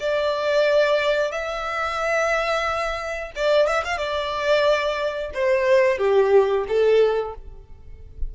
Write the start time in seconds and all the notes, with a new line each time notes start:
0.00 D5
1.32 E5
3.35 D5
3.67 E5
3.84 F5
3.98 D5
5.34 C5
5.98 G4
6.68 A4